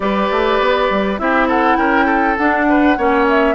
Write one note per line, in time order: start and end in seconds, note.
0.00 0.29 G3
0.00 1.16 G4
0.00 1.20 B4
0.00 1.18 D5
0.30 0.60 A3
0.60 0.89 B3
0.89 1.19 G3
1.18 1.77 C4
1.18 2.37 E4
1.18 1.47 G4
1.18 1.48 E5
1.47 1.77 A4
1.47 1.76 F#5
1.76 2.36 C#4
1.76 2.05 A#4
1.76 2.36 G5
2.05 2.65 A4
2.37 2.98 D4
2.37 2.97 D4
2.37 3.26 F#5
2.69 2.97 B4
2.97 3.54 A#3
2.97 3.54 C#4
2.97 3.54 C#5
3.29 3.54 E5